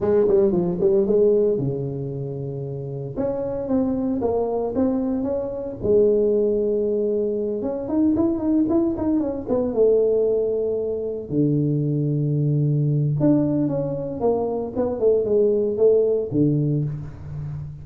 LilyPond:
\new Staff \with { instrumentName = "tuba" } { \time 4/4 \tempo 4 = 114 gis8 g8 f8 g8 gis4 cis4~ | cis2 cis'4 c'4 | ais4 c'4 cis'4 gis4~ | gis2~ gis8 cis'8 dis'8 e'8 |
dis'8 e'8 dis'8 cis'8 b8 a4.~ | a4. d2~ d8~ | d4 d'4 cis'4 ais4 | b8 a8 gis4 a4 d4 | }